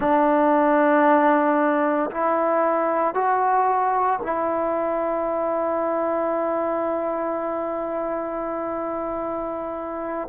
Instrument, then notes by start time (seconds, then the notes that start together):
trombone
0.00 D4
2.11 E4
3.14 F#4
4.22 E4